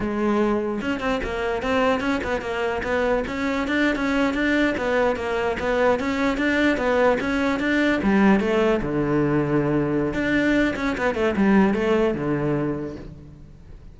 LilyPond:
\new Staff \with { instrumentName = "cello" } { \time 4/4 \tempo 4 = 148 gis2 cis'8 c'8 ais4 | c'4 cis'8 b8 ais4 b4 | cis'4 d'8. cis'4 d'4 b16~ | b8. ais4 b4 cis'4 d'16~ |
d'8. b4 cis'4 d'4 g16~ | g8. a4 d2~ d16~ | d4 d'4. cis'8 b8 a8 | g4 a4 d2 | }